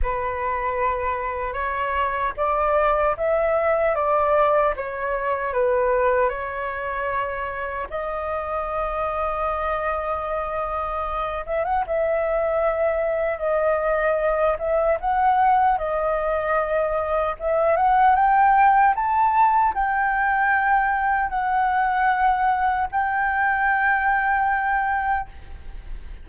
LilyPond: \new Staff \with { instrumentName = "flute" } { \time 4/4 \tempo 4 = 76 b'2 cis''4 d''4 | e''4 d''4 cis''4 b'4 | cis''2 dis''2~ | dis''2~ dis''8 e''16 fis''16 e''4~ |
e''4 dis''4. e''8 fis''4 | dis''2 e''8 fis''8 g''4 | a''4 g''2 fis''4~ | fis''4 g''2. | }